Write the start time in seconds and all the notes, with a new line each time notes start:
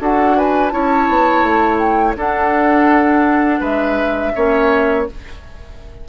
0.00 D4 F#4 A4 F#5
0.37 B4 G#5
0.69 C#4 E4 C#5 A5
1.09 B3
1.43 A3
1.78 G5
2.16 D4 A4 F#5
3.60 G#3 B4 E5
4.34 A#3 C#4 C#5